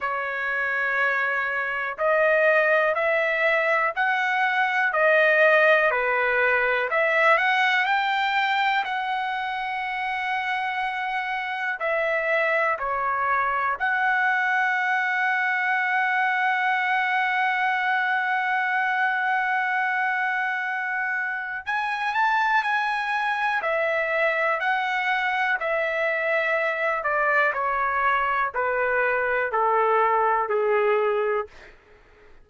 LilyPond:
\new Staff \with { instrumentName = "trumpet" } { \time 4/4 \tempo 4 = 61 cis''2 dis''4 e''4 | fis''4 dis''4 b'4 e''8 fis''8 | g''4 fis''2. | e''4 cis''4 fis''2~ |
fis''1~ | fis''2 gis''8 a''8 gis''4 | e''4 fis''4 e''4. d''8 | cis''4 b'4 a'4 gis'4 | }